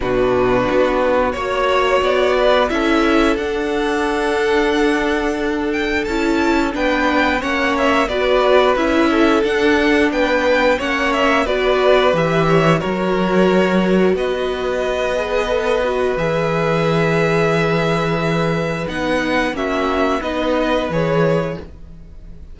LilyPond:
<<
  \new Staff \with { instrumentName = "violin" } { \time 4/4 \tempo 4 = 89 b'2 cis''4 d''4 | e''4 fis''2.~ | fis''8 g''8 a''4 g''4 fis''8 e''8 | d''4 e''4 fis''4 g''4 |
fis''8 e''8 d''4 e''4 cis''4~ | cis''4 dis''2. | e''1 | fis''4 e''4 dis''4 cis''4 | }
  \new Staff \with { instrumentName = "violin" } { \time 4/4 fis'2 cis''4. b'8 | a'1~ | a'2 b'4 cis''4 | b'4. a'4. b'4 |
cis''4 b'4. cis''8 ais'4~ | ais'4 b'2.~ | b'1~ | b'4 fis'4 b'2 | }
  \new Staff \with { instrumentName = "viola" } { \time 4/4 d'2 fis'2 | e'4 d'2.~ | d'4 e'4 d'4 cis'4 | fis'4 e'4 d'2 |
cis'4 fis'4 g'4 fis'4~ | fis'2~ fis'8 gis'8 a'8 fis'8 | gis'1 | dis'4 cis'4 dis'4 gis'4 | }
  \new Staff \with { instrumentName = "cello" } { \time 4/4 b,4 b4 ais4 b4 | cis'4 d'2.~ | d'4 cis'4 b4 ais4 | b4 cis'4 d'4 b4 |
ais4 b4 e4 fis4~ | fis4 b2. | e1 | b4 ais4 b4 e4 | }
>>